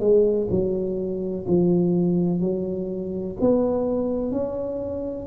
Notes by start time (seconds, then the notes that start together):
0.00 G#3
0.51 F#3
1.48 F3
2.40 F#3
3.41 B3
4.32 C#4